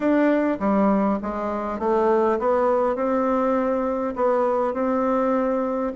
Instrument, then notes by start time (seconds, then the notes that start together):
bassoon
0.00 D4
0.59 G3
1.22 G#3
1.79 A3
2.39 B3
2.95 C4
4.15 B3
4.73 C4